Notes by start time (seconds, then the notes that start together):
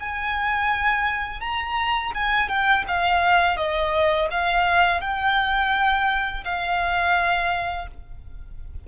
0.00 G#5
1.41 A#5
2.15 G#5
2.49 G5
2.88 F5
3.57 D#5
4.31 F5
5.01 G5
6.45 F5